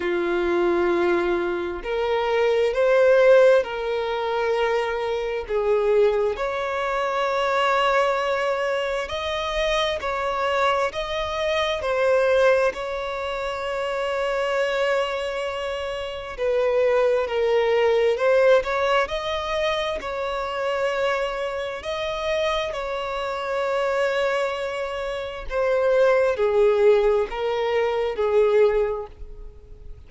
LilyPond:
\new Staff \with { instrumentName = "violin" } { \time 4/4 \tempo 4 = 66 f'2 ais'4 c''4 | ais'2 gis'4 cis''4~ | cis''2 dis''4 cis''4 | dis''4 c''4 cis''2~ |
cis''2 b'4 ais'4 | c''8 cis''8 dis''4 cis''2 | dis''4 cis''2. | c''4 gis'4 ais'4 gis'4 | }